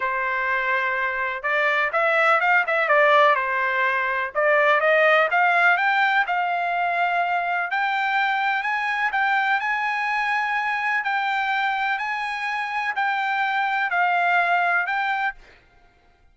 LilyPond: \new Staff \with { instrumentName = "trumpet" } { \time 4/4 \tempo 4 = 125 c''2. d''4 | e''4 f''8 e''8 d''4 c''4~ | c''4 d''4 dis''4 f''4 | g''4 f''2. |
g''2 gis''4 g''4 | gis''2. g''4~ | g''4 gis''2 g''4~ | g''4 f''2 g''4 | }